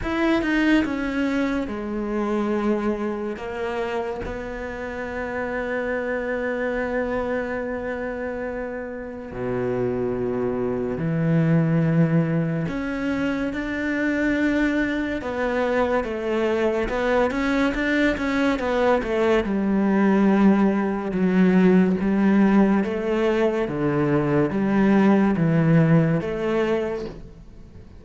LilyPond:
\new Staff \with { instrumentName = "cello" } { \time 4/4 \tempo 4 = 71 e'8 dis'8 cis'4 gis2 | ais4 b2.~ | b2. b,4~ | b,4 e2 cis'4 |
d'2 b4 a4 | b8 cis'8 d'8 cis'8 b8 a8 g4~ | g4 fis4 g4 a4 | d4 g4 e4 a4 | }